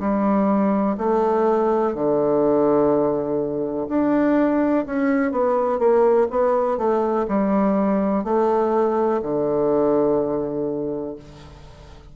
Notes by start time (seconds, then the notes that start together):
0.00 G3
0.98 A3
1.94 D3
3.88 D4
4.86 C#4
5.32 B3
5.79 A#3
6.30 B3
6.78 A3
7.28 G3
8.24 A3
9.22 D3